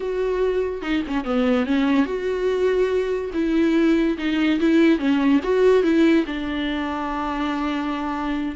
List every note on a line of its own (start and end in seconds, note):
0.00 0.82 F#4
0.82 1.02 D#4
1.07 1.24 C#4
1.24 1.66 B3
1.66 2.05 C#4
2.05 3.30 F#4
3.33 4.17 E4
4.18 4.59 D#4
4.59 4.98 E4
4.98 5.40 C#4
5.43 5.83 F#4
5.83 6.24 E4
6.26 8.55 D4